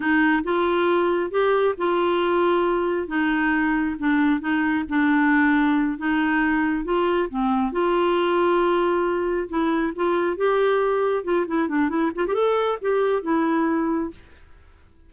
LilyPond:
\new Staff \with { instrumentName = "clarinet" } { \time 4/4 \tempo 4 = 136 dis'4 f'2 g'4 | f'2. dis'4~ | dis'4 d'4 dis'4 d'4~ | d'4. dis'2 f'8~ |
f'8 c'4 f'2~ f'8~ | f'4. e'4 f'4 g'8~ | g'4. f'8 e'8 d'8 e'8 f'16 g'16 | a'4 g'4 e'2 | }